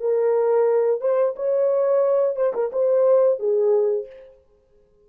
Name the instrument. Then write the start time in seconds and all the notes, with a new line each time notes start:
horn
0.00 A#4
1.01 C5
1.36 C#5
2.36 C5
2.54 A#4
2.73 C5
3.40 G#4